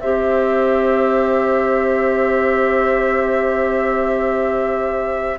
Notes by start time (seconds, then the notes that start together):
0.00 C4 G4 C5 E5